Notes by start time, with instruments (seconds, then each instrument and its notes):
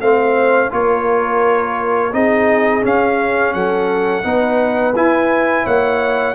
0.00 tuba A3, trombone C4, horn C5, trumpet F5
0.70 tuba A#3, trombone F4, horn A#4, trumpet C#5
2.12 tuba C4, trombone D#4, horn G#4, trumpet D#5
2.82 trombone C#4, tuba C#4, trumpet F5
3.53 tuba F#3, horn A4, trumpet F#5
4.23 tuba B3, trombone D#4, horn B4
4.94 tuba E4, trombone E4, trumpet G#5
5.64 tuba A#3, horn C#5, trumpet F#5